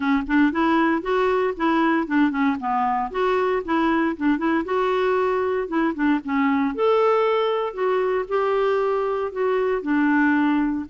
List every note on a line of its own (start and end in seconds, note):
0.00 0.23 C#4
0.27 0.52 D4
0.52 1.02 E4
1.02 1.54 F#4
1.56 2.07 E4
2.07 2.30 D4
2.30 2.56 C#4
2.59 3.11 B3
3.11 3.62 F#4
3.64 4.16 E4
4.17 4.38 D4
4.38 4.63 E4
4.64 5.68 F#4
5.68 5.93 E4
5.94 6.20 D4
6.24 6.75 C#4
6.75 7.73 A4
7.73 8.25 F#4
8.28 9.32 G4
9.32 9.82 F#4
9.82 10.85 D4